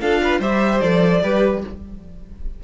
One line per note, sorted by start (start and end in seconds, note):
0.00 0.39 D4
0.00 0.42 F4
0.00 0.21 A4
0.00 0.41 F5
0.23 0.40 B4
0.39 0.80 G3
0.39 0.82 G4
0.39 1.21 C5
0.39 0.80 E5
0.80 1.22 F3
0.80 1.22 A4
0.80 1.61 D5
1.22 1.63 G3
1.22 1.63 G4
1.22 1.63 B4